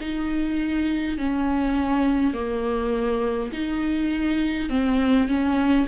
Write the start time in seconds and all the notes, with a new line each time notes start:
0.00 D#4
1.18 C#4
2.34 A#3
3.52 D#4
4.70 C4
5.28 C#4